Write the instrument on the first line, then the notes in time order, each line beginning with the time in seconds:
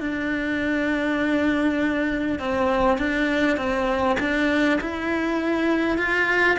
cello
0.00 D4
2.39 C4
2.98 D4
3.57 C4
4.19 D4
4.81 E4
5.97 F4